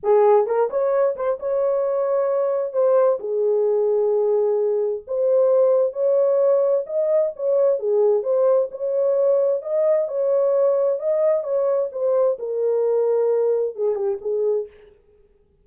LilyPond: \new Staff \with { instrumentName = "horn" } { \time 4/4 \tempo 4 = 131 gis'4 ais'8 cis''4 c''8 cis''4~ | cis''2 c''4 gis'4~ | gis'2. c''4~ | c''4 cis''2 dis''4 |
cis''4 gis'4 c''4 cis''4~ | cis''4 dis''4 cis''2 | dis''4 cis''4 c''4 ais'4~ | ais'2 gis'8 g'8 gis'4 | }